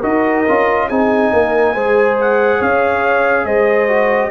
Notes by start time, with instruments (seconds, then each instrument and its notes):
0.00 tuba D#4, trombone F#4, horn A#4, trumpet D#5
0.48 tuba C#4, trombone F4
0.88 tuba C4, trombone D#4, horn G#4, trumpet G#5
1.32 tuba A#3, horn A#4
1.73 tuba G#3, trombone G#4, horn C5
2.20 trumpet F#5
2.58 tuba C#4, horn C#5, trumpet F5
3.44 tuba G#3, horn C5, trumpet D#5
3.88 trombone F#4